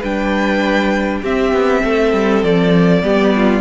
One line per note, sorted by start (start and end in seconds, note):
0.00 1.23 G3
0.00 1.24 D4
0.00 1.20 B4
0.00 1.25 G5
1.23 3.03 C4
1.23 1.53 C4
1.23 1.82 G4
1.23 2.44 E5
1.53 1.83 B3
1.84 2.14 A3
1.84 3.04 A4
2.14 2.44 G3
2.44 3.04 F3
2.44 3.61 D5
3.03 3.61 G3
3.03 3.61 B3
3.03 3.34 G4
3.36 3.61 F4